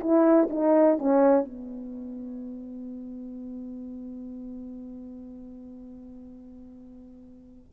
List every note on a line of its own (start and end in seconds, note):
0.00 0.48 E4
0.50 0.99 D#4
0.99 1.45 C#4
1.45 7.73 B3